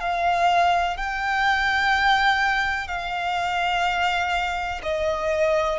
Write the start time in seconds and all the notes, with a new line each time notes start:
0.00 F5
0.97 G5
2.88 F5
4.83 D#5